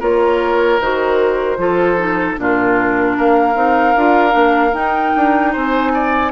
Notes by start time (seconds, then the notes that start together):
0.00 A#3 F4 A#4 C#5
0.81 D#3 F#4 C5
1.58 F3 F4 A4
1.98 D#4
2.37 A#2 D4 F4 A#4
3.17 A#3 A#4 F5
3.55 C4 D#4
3.96 D4 F4
4.31 A#3 D4
4.73 D#4 G5
5.17 D4
5.53 C4 C5 G#5
5.94 D5